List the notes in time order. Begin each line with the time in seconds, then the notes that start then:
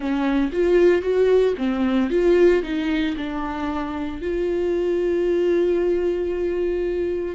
0.00 C#4
0.52 F4
1.01 F#4
1.57 C4
2.10 F4
2.63 D#4
3.16 D4
4.21 F4